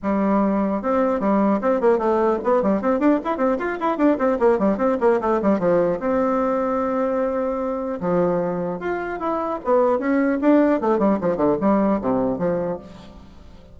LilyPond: \new Staff \with { instrumentName = "bassoon" } { \time 4/4 \tempo 4 = 150 g2 c'4 g4 | c'8 ais8 a4 b8 g8 c'8 d'8 | e'8 c'8 f'8 e'8 d'8 c'8 ais8 g8 | c'8 ais8 a8 g8 f4 c'4~ |
c'1 | f2 f'4 e'4 | b4 cis'4 d'4 a8 g8 | f8 d8 g4 c4 f4 | }